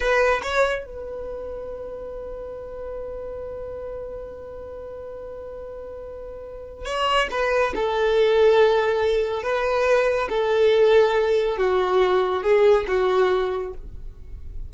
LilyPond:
\new Staff \with { instrumentName = "violin" } { \time 4/4 \tempo 4 = 140 b'4 cis''4 b'2~ | b'1~ | b'1~ | b'1 |
cis''4 b'4 a'2~ | a'2 b'2 | a'2. fis'4~ | fis'4 gis'4 fis'2 | }